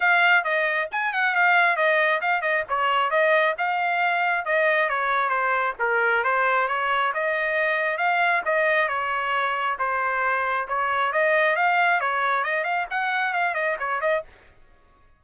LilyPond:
\new Staff \with { instrumentName = "trumpet" } { \time 4/4 \tempo 4 = 135 f''4 dis''4 gis''8 fis''8 f''4 | dis''4 f''8 dis''8 cis''4 dis''4 | f''2 dis''4 cis''4 | c''4 ais'4 c''4 cis''4 |
dis''2 f''4 dis''4 | cis''2 c''2 | cis''4 dis''4 f''4 cis''4 | dis''8 f''8 fis''4 f''8 dis''8 cis''8 dis''8 | }